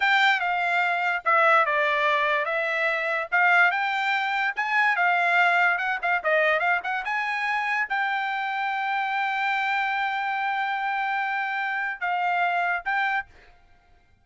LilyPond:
\new Staff \with { instrumentName = "trumpet" } { \time 4/4 \tempo 4 = 145 g''4 f''2 e''4 | d''2 e''2 | f''4 g''2 gis''4 | f''2 fis''8 f''8 dis''4 |
f''8 fis''8 gis''2 g''4~ | g''1~ | g''1~ | g''4 f''2 g''4 | }